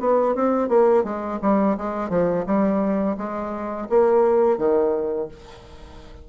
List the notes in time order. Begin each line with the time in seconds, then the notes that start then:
0.00 B3
0.35 C4
0.68 A#3
1.04 G#3
1.41 G3
1.77 G#3
2.10 F3
2.46 G3
3.17 G#3
3.89 A#3
4.58 D#3